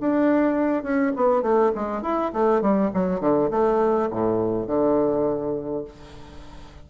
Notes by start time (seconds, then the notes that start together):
0.00 D4
0.83 C#4
1.16 B3
1.42 A3
1.75 G#3
2.02 E4
2.33 A3
2.61 G3
2.94 F#3
3.20 D3
3.51 A3
4.10 A2
4.67 D3